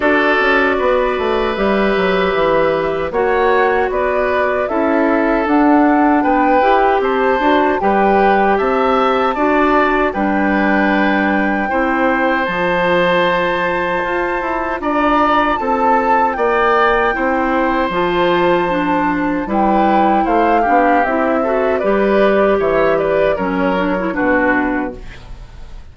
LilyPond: <<
  \new Staff \with { instrumentName = "flute" } { \time 4/4 \tempo 4 = 77 d''2 e''2 | fis''4 d''4 e''4 fis''4 | g''4 a''4 g''4 a''4~ | a''4 g''2. |
a''2. ais''4 | a''4 g''2 a''4~ | a''4 g''4 f''4 e''4 | d''4 e''8 d''8 cis''4 b'4 | }
  \new Staff \with { instrumentName = "oboe" } { \time 4/4 a'4 b'2. | cis''4 b'4 a'2 | b'4 c''4 b'4 e''4 | d''4 b'2 c''4~ |
c''2. d''4 | a'4 d''4 c''2~ | c''4 b'4 c''8 g'4 a'8 | b'4 cis''8 b'8 ais'4 fis'4 | }
  \new Staff \with { instrumentName = "clarinet" } { \time 4/4 fis'2 g'2 | fis'2 e'4 d'4~ | d'8 g'4 fis'8 g'2 | fis'4 d'2 e'4 |
f'1~ | f'2 e'4 f'4 | d'4 e'4. d'8 e'8 fis'8 | g'2 cis'8 d'16 e'16 d'4 | }
  \new Staff \with { instrumentName = "bassoon" } { \time 4/4 d'8 cis'8 b8 a8 g8 fis8 e4 | ais4 b4 cis'4 d'4 | b8 e'8 c'8 d'8 g4 c'4 | d'4 g2 c'4 |
f2 f'8 e'8 d'4 | c'4 ais4 c'4 f4~ | f4 g4 a8 b8 c'4 | g4 e4 fis4 b,4 | }
>>